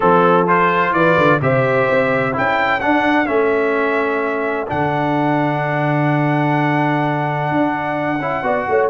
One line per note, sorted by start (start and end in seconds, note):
0.00 0.92 F3
0.00 0.46 C4
0.00 0.46 A4
0.00 0.94 A4
0.46 1.40 F4
0.46 0.93 C5
0.92 1.15 E3
0.92 1.41 B4
0.92 1.40 D5
1.17 1.40 D3
1.40 1.87 C3
1.40 2.33 G4
1.40 2.33 C5
1.40 2.36 E5
1.90 2.37 C4
2.33 2.84 C#4
2.33 2.79 E4
2.33 8.42 A4
2.33 2.80 G5
2.80 3.25 D4
2.80 3.28 D4
2.80 3.26 F#5
3.25 4.68 A3
3.25 4.66 C#4
3.25 4.67 E5
4.67 7.51 D3
4.67 8.18 D4
4.67 8.90 F#5
7.51 8.19 D4
8.19 8.42 C#4
8.19 8.43 E4
8.43 8.66 B3
8.43 8.90 F#4
8.43 8.68 D5
8.68 8.90 A3
8.68 8.90 C#5